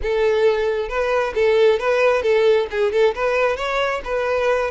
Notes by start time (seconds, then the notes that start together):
0.02 A4
0.88 B4
1.34 A4
1.79 B4
2.22 A4
2.70 G#4
2.92 A4
3.14 B4
3.56 C#5
4.04 B4